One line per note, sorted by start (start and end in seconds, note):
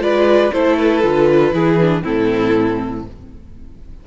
0.00 0.51 G#3
0.00 0.51 F4
0.00 0.54 B4
0.00 0.52 D5
0.52 1.04 A3
0.52 1.03 E4
0.52 1.54 A4
0.52 0.78 C5
0.78 2.04 B4
1.03 1.53 D3
1.03 1.53 F4
1.53 2.03 E3
1.53 1.79 E4
1.53 2.03 G#4
1.81 2.03 D4
2.03 3.07 A2
2.03 3.05 C4
2.03 3.05 E4
2.03 3.06 A4